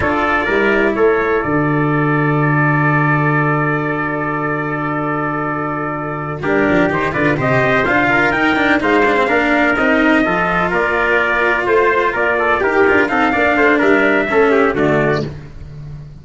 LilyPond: <<
  \new Staff \with { instrumentName = "trumpet" } { \time 4/4 \tempo 4 = 126 d''2 cis''4 d''4~ | d''1~ | d''1~ | d''4. ais'4 c''8 d''8 dis''8~ |
dis''8 f''4 g''4 f''4.~ | f''8 dis''2 d''4.~ | d''8 c''4 d''4 ais'4 f''8~ | f''4 e''2 d''4 | }
  \new Staff \with { instrumentName = "trumpet" } { \time 4/4 a'4 ais'4 a'2~ | a'1~ | a'1~ | a'4. g'4. b'8 c''8~ |
c''4 ais'4. c''4 ais'8~ | ais'4. a'4 ais'4.~ | ais'8 c''4 ais'8 a'8 g'4 a'8 | d''8 c''8 ais'4 a'8 g'8 fis'4 | }
  \new Staff \with { instrumentName = "cello" } { \time 4/4 f'4 e'2 fis'4~ | fis'1~ | fis'1~ | fis'4. d'4 dis'8 f'8 g'8~ |
g'8 f'4 dis'8 d'8 dis'8 d'16 c'16 d'8~ | d'8 dis'4 f'2~ f'8~ | f'2~ f'8 g'8 f'8 dis'8 | d'2 cis'4 a4 | }
  \new Staff \with { instrumentName = "tuba" } { \time 4/4 d'4 g4 a4 d4~ | d1~ | d1~ | d4. g8 f8 dis8 d8 c8 |
c'8 d'4 dis'4 gis4 ais8~ | ais8 c'4 f4 ais4.~ | ais8 a4 ais4 dis'8 d'8 c'8 | ais8 a8 g4 a4 d4 | }
>>